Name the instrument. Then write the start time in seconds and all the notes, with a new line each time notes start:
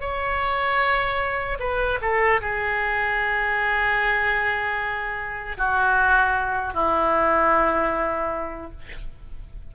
oboe
0.00 C#5
1.59 B4
2.01 A4
2.41 G#4
5.57 F#4
6.74 E4